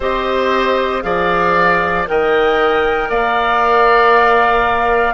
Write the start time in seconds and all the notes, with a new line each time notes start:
0.00 C4 G4 C5 D#5
1.02 F3 G#4 D5 F5
2.06 D#3 A#4 D#5 G5
3.09 A#3 D5 F5